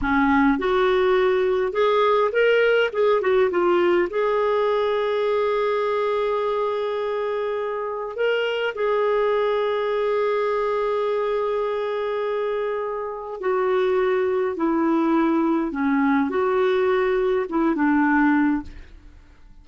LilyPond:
\new Staff \with { instrumentName = "clarinet" } { \time 4/4 \tempo 4 = 103 cis'4 fis'2 gis'4 | ais'4 gis'8 fis'8 f'4 gis'4~ | gis'1~ | gis'2 ais'4 gis'4~ |
gis'1~ | gis'2. fis'4~ | fis'4 e'2 cis'4 | fis'2 e'8 d'4. | }